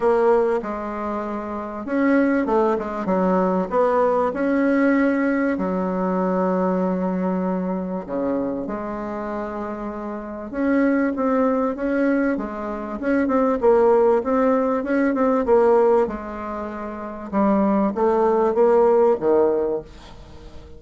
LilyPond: \new Staff \with { instrumentName = "bassoon" } { \time 4/4 \tempo 4 = 97 ais4 gis2 cis'4 | a8 gis8 fis4 b4 cis'4~ | cis'4 fis2.~ | fis4 cis4 gis2~ |
gis4 cis'4 c'4 cis'4 | gis4 cis'8 c'8 ais4 c'4 | cis'8 c'8 ais4 gis2 | g4 a4 ais4 dis4 | }